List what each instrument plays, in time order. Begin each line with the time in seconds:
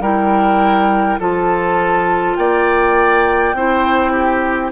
0.00 bassoon G3, clarinet E4, oboe A#4, flute G5
1.19 bassoon F3, clarinet F4, oboe A4, flute A5
2.36 bassoon A#3, oboe D5, flute G5
3.54 bassoon C4, clarinet E4, oboe C5
4.12 oboe G4